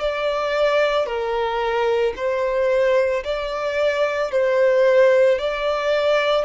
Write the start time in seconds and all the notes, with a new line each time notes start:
0.00 D5
1.07 A#4
2.17 C5
3.25 D5
4.32 C5
5.39 D5